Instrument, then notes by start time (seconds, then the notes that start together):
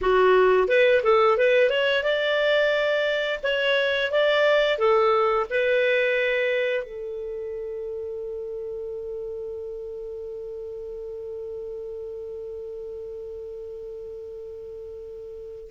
clarinet
0.01 F#4
0.68 B4
1.03 A4
1.37 B4
1.70 C#5
2.03 D5
3.43 C#5
4.11 D5
4.78 A4
5.49 B4
6.83 A4